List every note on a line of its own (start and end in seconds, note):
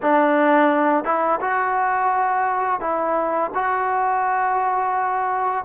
0.02 1.04 D4
1.04 1.39 E4
1.41 2.80 F#4
2.80 3.51 E4
3.54 5.64 F#4